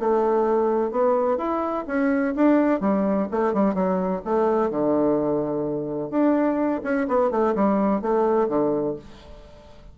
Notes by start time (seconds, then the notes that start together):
0.00 A3
0.91 B3
1.38 E4
1.87 C#4
2.36 D4
2.81 G3
3.31 A3
3.54 G3
3.75 F#3
4.25 A3
4.71 D3
6.11 D4
6.84 C#4
7.08 B3
7.31 A3
7.56 G3
8.02 A3
8.49 D3